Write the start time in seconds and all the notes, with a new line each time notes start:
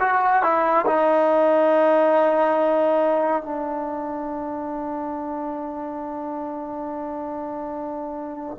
0.00 F#4
0.43 E4
0.86 D#4
3.43 D4